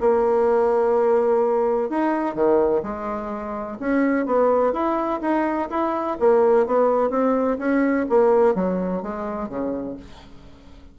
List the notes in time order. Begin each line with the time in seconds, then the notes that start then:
0.00 A#3
1.89 D#4
2.35 D#3
2.82 G#3
3.79 C#4
4.26 B3
4.73 E4
5.21 D#4
5.69 E4
6.19 A#3
6.66 B3
7.10 C4
7.58 C#4
8.09 A#3
8.54 F#3
9.02 G#3
9.48 C#3